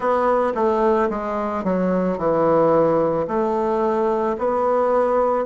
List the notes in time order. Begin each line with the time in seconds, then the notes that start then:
0.00 B3
0.55 A3
1.09 G#3
1.64 F#3
2.18 E3
3.27 A3
4.38 B3